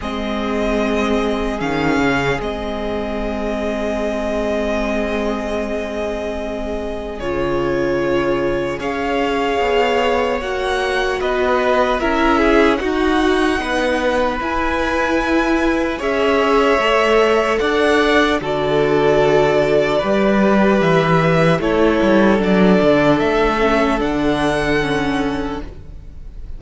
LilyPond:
<<
  \new Staff \with { instrumentName = "violin" } { \time 4/4 \tempo 4 = 75 dis''2 f''4 dis''4~ | dis''1~ | dis''4 cis''2 f''4~ | f''4 fis''4 dis''4 e''4 |
fis''2 gis''2 | e''2 fis''4 d''4~ | d''2 e''4 cis''4 | d''4 e''4 fis''2 | }
  \new Staff \with { instrumentName = "violin" } { \time 4/4 gis'1~ | gis'1~ | gis'2. cis''4~ | cis''2 b'4 ais'8 gis'8 |
fis'4 b'2. | cis''2 d''4 a'4~ | a'4 b'2 a'4~ | a'1 | }
  \new Staff \with { instrumentName = "viola" } { \time 4/4 c'2 cis'4 c'4~ | c'1~ | c'4 f'2 gis'4~ | gis'4 fis'2 e'4 |
dis'2 e'2 | gis'4 a'2 fis'4~ | fis'4 g'2 e'4 | d'4. cis'8 d'4 cis'4 | }
  \new Staff \with { instrumentName = "cello" } { \time 4/4 gis2 dis8 cis8 gis4~ | gis1~ | gis4 cis2 cis'4 | b4 ais4 b4 cis'4 |
dis'4 b4 e'2 | cis'4 a4 d'4 d4~ | d4 g4 e4 a8 g8 | fis8 d8 a4 d2 | }
>>